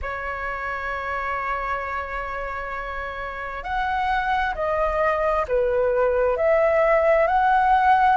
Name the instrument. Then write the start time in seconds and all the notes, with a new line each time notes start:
flute
0.02 C#5
3.63 F#5
4.55 D#5
5.48 B4
6.36 E5
7.27 F#5